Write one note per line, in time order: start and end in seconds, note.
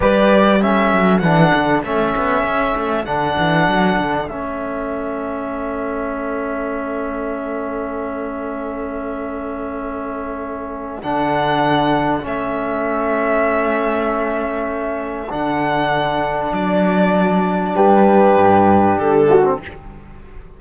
0.00 0.92 G3
0.00 0.59 G4
0.00 0.62 B4
0.00 0.62 D5
0.61 1.22 C#4
0.61 17.74 A4
0.61 1.19 E5
0.92 1.21 F#3
1.19 1.52 E3
1.19 1.84 D4
1.19 1.80 F#5
1.54 1.83 D3
1.83 2.14 A3
1.83 3.06 C#4
1.83 3.05 E5
2.16 2.43 B3
2.43 2.74 C#4
2.76 3.06 A3
3.05 3.37 D3
3.05 4.28 D4
3.05 4.27 F#5
3.38 3.67 E3
3.67 3.98 F#3
3.98 4.28 D3
4.28 11.01 A3
4.28 11.02 C#4
4.28 11.01 E5
11.02 12.25 D3
11.02 12.21 D4
11.02 12.24 F#5
12.21 15.31 A3
12.21 15.27 C#4
12.21 15.31 E5
15.29 16.52 D3
15.29 19.42 D4
15.29 16.53 F#5
16.52 17.74 F#3
16.52 17.75 D5
17.74 18.36 G3
17.74 19.27 G4
17.74 18.97 B4
18.36 18.97 G2
18.97 19.60 D3
18.97 19.59 A4
19.30 19.60 F#4
19.44 19.60 C4